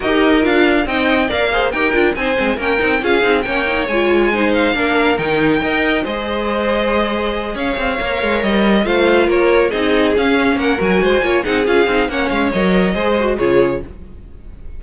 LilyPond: <<
  \new Staff \with { instrumentName = "violin" } { \time 4/4 \tempo 4 = 139 dis''4 f''4 g''4 f''4 | g''4 gis''4 g''4 f''4 | g''4 gis''4. f''4. | g''2 dis''2~ |
dis''4. f''2 dis''8~ | dis''8 f''4 cis''4 dis''4 f''8~ | f''8 fis''8 gis''4. fis''8 f''4 | fis''8 f''8 dis''2 cis''4 | }
  \new Staff \with { instrumentName = "violin" } { \time 4/4 ais'2 dis''4 d''8 c''8 | ais'4 c''4 ais'4 gis'4 | cis''2 c''4 ais'4~ | ais'4 dis''4 c''2~ |
c''4. cis''2~ cis''8~ | cis''8 c''4 ais'4 gis'4.~ | gis'8 ais'4 c''8 cis''8 gis'4. | cis''2 c''4 gis'4 | }
  \new Staff \with { instrumentName = "viola" } { \time 4/4 g'4 f'4 dis'4 ais'8 gis'8 | g'8 f'8 dis'8 c'8 cis'8 dis'8 f'8 dis'8 | cis'8 dis'8 f'4 dis'4 d'4 | dis'4 ais'4 gis'2~ |
gis'2~ gis'8 ais'4.~ | ais'8 f'2 dis'4 cis'8~ | cis'4 fis'4 f'8 dis'8 f'8 dis'8 | cis'4 ais'4 gis'8 fis'8 f'4 | }
  \new Staff \with { instrumentName = "cello" } { \time 4/4 dis'4 d'4 c'4 ais4 | dis'8 d'8 c'8 gis8 ais8 c'8 cis'8 c'8 | ais4 gis2 ais4 | dis4 dis'4 gis2~ |
gis4. cis'8 c'8 ais8 gis8 g8~ | g8 a4 ais4 c'4 cis'8~ | cis'8 ais8 fis8 gis8 ais8 c'8 cis'8 c'8 | ais8 gis8 fis4 gis4 cis4 | }
>>